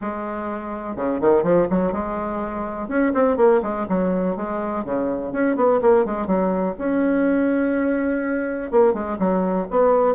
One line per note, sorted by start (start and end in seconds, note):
0.01 0.96 G#3
0.96 1.20 C#3
1.21 1.43 D#3
1.43 1.67 F3
1.70 1.92 F#3
1.92 2.88 G#3
2.88 3.12 C#4
3.13 3.37 C4
3.37 3.61 A#3
3.62 3.86 G#3
3.88 4.36 F#3
4.36 4.84 G#3
4.84 5.32 C#3
5.32 5.56 C#4
5.56 5.80 B3
5.81 6.05 A#3
6.05 6.26 G#3
6.26 6.75 F#3
6.78 8.71 C#4
8.71 8.93 A#3
8.93 9.17 G#3
9.18 9.67 F#3
9.70 10.15 B3